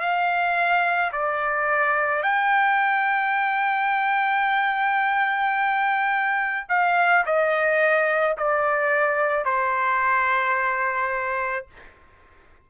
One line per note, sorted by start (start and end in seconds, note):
0.00 1.11 F5
1.12 2.22 D5
2.22 6.67 G5
6.69 7.24 F5
7.25 8.36 D#5
8.37 9.44 D5
9.44 11.67 C5